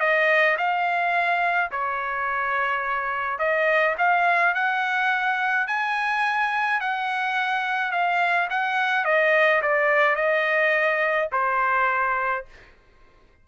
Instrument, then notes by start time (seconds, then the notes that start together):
trumpet
0.00 D#5
0.57 F5
1.71 C#5
3.39 D#5
3.98 F5
4.54 F#5
5.67 G#5
6.80 F#5
7.91 F5
8.50 F#5
9.05 D#5
9.62 D5
10.16 D#5
11.32 C5